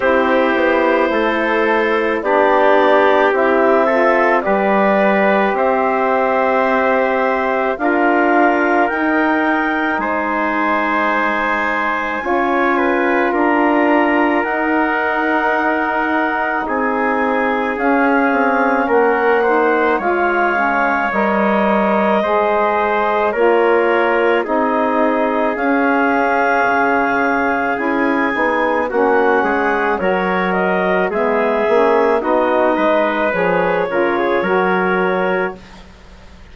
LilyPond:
<<
  \new Staff \with { instrumentName = "clarinet" } { \time 4/4 \tempo 4 = 54 c''2 d''4 e''4 | d''4 e''2 f''4 | g''4 gis''2. | ais''4 fis''2 gis''4 |
f''4 fis''4 f''4 dis''4~ | dis''4 cis''4 dis''4 f''4~ | f''4 gis''4 fis''4 cis''8 dis''8 | e''4 dis''4 cis''2 | }
  \new Staff \with { instrumentName = "trumpet" } { \time 4/4 g'4 a'4 g'4. a'8 | b'4 c''2 ais'4~ | ais'4 c''2 cis''8 b'8 | ais'2. gis'4~ |
gis'4 ais'8 c''8 cis''2 | c''4 ais'4 gis'2~ | gis'2 fis'8 gis'8 ais'4 | gis'4 fis'8 b'4 ais'16 gis'16 ais'4 | }
  \new Staff \with { instrumentName = "saxophone" } { \time 4/4 e'2 d'4 e'8 f'8 | g'2. f'4 | dis'2. f'4~ | f'4 dis'2. |
cis'4. dis'8 f'8 cis'8 ais'4 | gis'4 f'4 dis'4 cis'4~ | cis'4 e'8 dis'8 cis'4 fis'4 | b8 cis'8 dis'4 gis'8 f'8 fis'4 | }
  \new Staff \with { instrumentName = "bassoon" } { \time 4/4 c'8 b8 a4 b4 c'4 | g4 c'2 d'4 | dis'4 gis2 cis'4 | d'4 dis'2 c'4 |
cis'8 c'8 ais4 gis4 g4 | gis4 ais4 c'4 cis'4 | cis4 cis'8 b8 ais8 gis8 fis4 | gis8 ais8 b8 gis8 f8 cis8 fis4 | }
>>